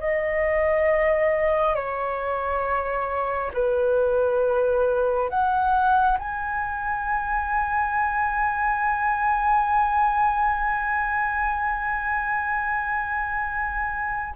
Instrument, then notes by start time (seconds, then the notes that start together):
flute
0.00 D#5
1.76 C#5
3.54 B4
5.30 F#5
6.19 G#5